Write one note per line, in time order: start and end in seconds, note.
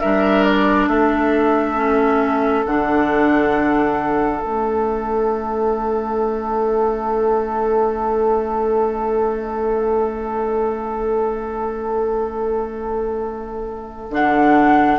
0.00 0.87 G3
0.00 1.75 D4
0.00 0.89 A#4
0.00 0.44 E5
0.44 0.88 D5
0.87 2.64 A3
0.87 14.98 A4
0.87 2.65 E5
1.75 2.64 C#4
2.66 4.42 D3
2.66 4.42 D4
2.66 4.40 F#5
4.40 14.10 A3
4.40 14.12 C#4
4.40 14.11 E5
14.10 14.98 D3
14.10 14.98 D4
14.10 14.98 F#5